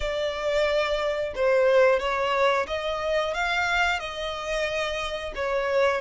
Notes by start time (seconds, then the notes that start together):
0.00 D5
1.35 C5
1.99 C#5
2.67 D#5
3.33 F5
3.99 D#5
5.35 C#5